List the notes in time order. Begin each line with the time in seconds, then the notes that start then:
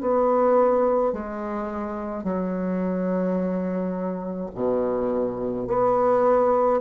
0.00 B3
1.12 G#3
2.23 F#3
4.54 B2
5.67 B3